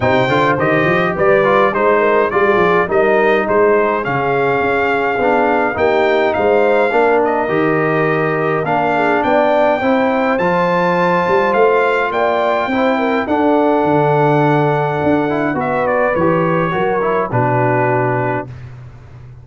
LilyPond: <<
  \new Staff \with { instrumentName = "trumpet" } { \time 4/4 \tempo 4 = 104 g''4 dis''4 d''4 c''4 | d''4 dis''4 c''4 f''4~ | f''2 g''4 f''4~ | f''8 dis''2~ dis''8 f''4 |
g''2 a''2 | f''4 g''2 fis''4~ | fis''2. e''8 d''8 | cis''2 b'2 | }
  \new Staff \with { instrumentName = "horn" } { \time 4/4 c''2 b'4 c''8 ais'8 | gis'4 ais'4 gis'2~ | gis'2 g'4 c''4 | ais'2.~ ais'8 gis'8 |
d''4 c''2.~ | c''4 d''4 c''8 ais'8 a'4~ | a'2. b'4~ | b'4 ais'4 fis'2 | }
  \new Staff \with { instrumentName = "trombone" } { \time 4/4 dis'8 f'8 g'4. f'8 dis'4 | f'4 dis'2 cis'4~ | cis'4 d'4 dis'2 | d'4 g'2 d'4~ |
d'4 e'4 f'2~ | f'2 e'4 d'4~ | d'2~ d'8 e'8 fis'4 | g'4 fis'8 e'8 d'2 | }
  \new Staff \with { instrumentName = "tuba" } { \time 4/4 c8 d8 dis8 f8 g4 gis4 | g8 f8 g4 gis4 cis4 | cis'4 b4 ais4 gis4 | ais4 dis2 ais4 |
b4 c'4 f4. g8 | a4 ais4 c'4 d'4 | d2 d'4 b4 | e4 fis4 b,2 | }
>>